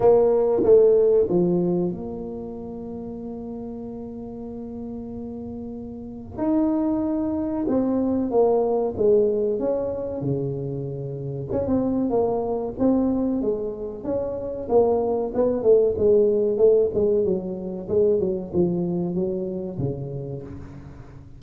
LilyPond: \new Staff \with { instrumentName = "tuba" } { \time 4/4 \tempo 4 = 94 ais4 a4 f4 ais4~ | ais1~ | ais2 dis'2 | c'4 ais4 gis4 cis'4 |
cis2 cis'16 c'8. ais4 | c'4 gis4 cis'4 ais4 | b8 a8 gis4 a8 gis8 fis4 | gis8 fis8 f4 fis4 cis4 | }